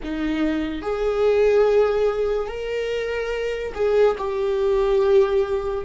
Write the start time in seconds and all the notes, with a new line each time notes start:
0.03 D#4
0.82 G#4
2.47 A#4
3.74 G#4
4.17 G4